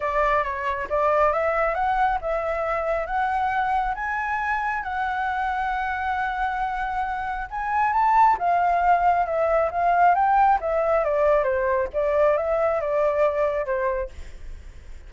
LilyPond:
\new Staff \with { instrumentName = "flute" } { \time 4/4 \tempo 4 = 136 d''4 cis''4 d''4 e''4 | fis''4 e''2 fis''4~ | fis''4 gis''2 fis''4~ | fis''1~ |
fis''4 gis''4 a''4 f''4~ | f''4 e''4 f''4 g''4 | e''4 d''4 c''4 d''4 | e''4 d''2 c''4 | }